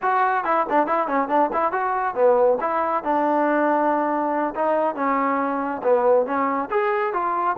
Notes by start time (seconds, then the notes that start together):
0.01 F#4
0.44 E4
0.69 D4
0.86 E4
1.07 C#4
1.28 D4
1.52 E4
1.71 F#4
2.14 B3
2.60 E4
3.03 D4
4.55 D#4
4.95 C#4
5.83 B3
6.26 C#4
6.70 G#4
7.13 F4